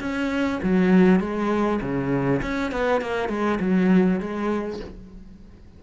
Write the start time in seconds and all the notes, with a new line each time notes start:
0.00 C#4
0.62 F#3
1.20 G#3
1.81 C#3
2.42 C#4
2.72 B3
3.01 A#3
3.29 G#3
3.60 F#3
4.20 G#3